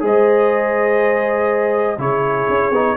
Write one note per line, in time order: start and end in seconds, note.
0.00 1.98 G#3
0.00 1.97 G#4
0.00 2.01 C5
0.00 2.00 D#5
1.98 2.47 C#3
1.98 2.72 E4
1.98 2.97 G#4
1.98 2.97 C#5
2.49 2.71 C#4
2.71 2.96 B3
2.71 2.97 D#4